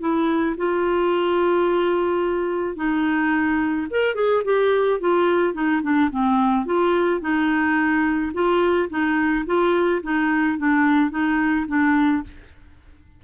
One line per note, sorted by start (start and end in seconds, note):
0.00 0.56 E4
0.57 2.76 F4
2.76 3.87 D#4
3.90 4.15 A#4
4.15 4.43 G#4
4.44 5.00 G4
5.00 5.54 F4
5.54 5.82 D#4
5.82 6.10 D4
6.11 6.65 C4
6.65 7.21 F4
7.21 8.32 D#4
8.34 8.89 F4
8.90 9.45 D#4
9.46 10.02 F4
10.03 10.58 D#4
10.58 11.10 D4
11.10 11.66 D#4
11.68 12.23 D4